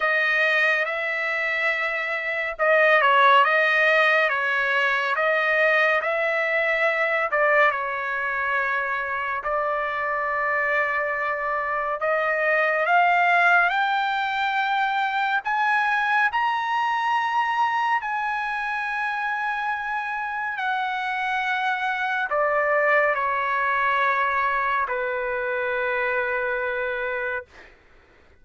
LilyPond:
\new Staff \with { instrumentName = "trumpet" } { \time 4/4 \tempo 4 = 70 dis''4 e''2 dis''8 cis''8 | dis''4 cis''4 dis''4 e''4~ | e''8 d''8 cis''2 d''4~ | d''2 dis''4 f''4 |
g''2 gis''4 ais''4~ | ais''4 gis''2. | fis''2 d''4 cis''4~ | cis''4 b'2. | }